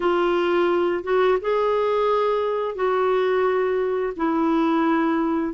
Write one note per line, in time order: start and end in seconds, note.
0.00 1.03 F4
1.03 1.38 F#4
1.41 2.75 G#4
2.75 4.13 F#4
4.16 5.53 E4